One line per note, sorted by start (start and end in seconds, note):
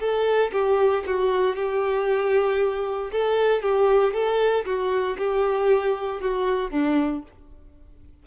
0.00 0.52 A4
0.52 1.04 G4
1.07 1.56 F#4
1.56 3.11 G4
3.12 3.63 A4
3.63 4.14 G4
4.14 4.65 A4
4.66 5.17 F#4
5.18 6.21 G4
6.21 6.71 F#4
6.71 7.23 D4